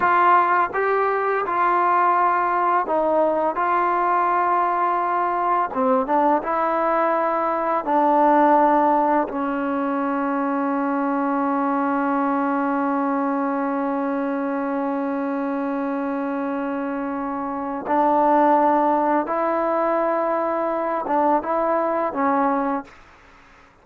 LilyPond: \new Staff \with { instrumentName = "trombone" } { \time 4/4 \tempo 4 = 84 f'4 g'4 f'2 | dis'4 f'2. | c'8 d'8 e'2 d'4~ | d'4 cis'2.~ |
cis'1~ | cis'1~ | cis'4 d'2 e'4~ | e'4. d'8 e'4 cis'4 | }